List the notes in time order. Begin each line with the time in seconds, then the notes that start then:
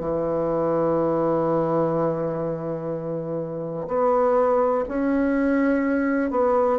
0.00 E3
3.88 B3
4.88 C#4
6.31 B3